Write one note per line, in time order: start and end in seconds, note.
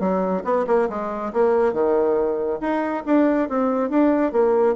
0.00 0.43 F#3
0.44 0.66 B3
0.67 0.89 A#3
0.89 1.33 G#3
1.33 1.73 A#3
1.73 2.59 D#3
2.61 3.04 D#4
3.06 3.49 D4
3.49 3.90 C4
3.90 4.32 D4
4.32 4.75 A#3